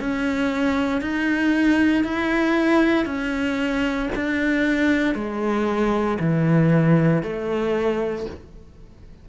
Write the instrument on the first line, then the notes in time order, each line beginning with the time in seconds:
cello
0.00 C#4
1.01 D#4
2.04 E4
3.06 C#4
4.15 D4
5.14 G#3
6.19 E3
7.23 A3